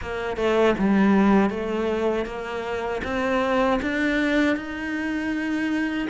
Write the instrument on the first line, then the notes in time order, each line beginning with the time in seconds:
cello
0.01 A#3
0.36 A3
0.78 G3
1.50 A3
2.25 A#3
3.04 C4
3.81 D4
4.56 D#4